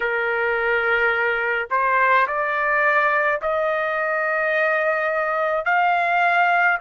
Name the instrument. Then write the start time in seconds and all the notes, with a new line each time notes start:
trumpet
0.00 A#4
1.70 C5
2.26 D5
3.41 D#5
5.64 F5